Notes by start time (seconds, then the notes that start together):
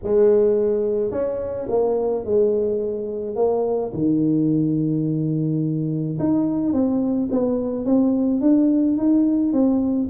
0.03 G#3
1.11 C#4
1.68 A#3
2.25 G#3
3.35 A#3
3.93 D#3
6.19 D#4
6.72 C4
7.31 B3
7.85 C4
8.41 D4
8.97 D#4
9.53 C4